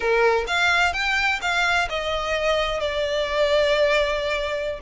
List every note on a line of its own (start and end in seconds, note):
0.00 0.45 A#4
0.47 0.93 F5
0.93 1.40 G5
1.41 1.88 F5
1.89 2.80 D#5
2.80 4.79 D5